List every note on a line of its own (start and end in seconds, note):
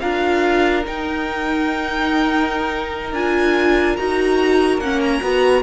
0.00 0.86 D4
0.00 0.85 F4
0.00 5.64 A#4
0.00 0.83 F5
0.85 3.14 D#4
0.85 3.13 D#4
0.85 3.14 G5
3.13 3.96 D4
3.13 3.98 F4
3.13 3.97 G#5
3.97 4.78 D#4
3.97 4.81 F#4
3.97 4.80 A#5
4.78 5.20 A#3
4.78 5.22 C#4
4.78 5.01 F#5
5.01 5.63 A#5
5.22 5.64 B3
5.22 5.64 F#4